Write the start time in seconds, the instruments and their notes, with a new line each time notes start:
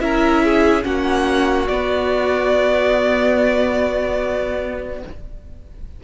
0.00 cello C#4, viola E4, violin A#4 E5
0.44 violin G#4
0.82 cello A#3, viola C#4, violin F#4 F#5
1.67 cello B3, viola B3, violin D5